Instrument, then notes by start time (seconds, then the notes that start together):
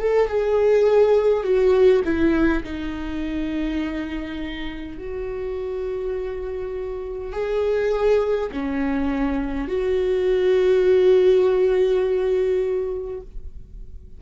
viola
0.00 A4
0.28 G#4
1.44 F#4
2.05 E4
2.64 D#4
4.98 F#4
7.33 G#4
8.52 C#4
9.68 F#4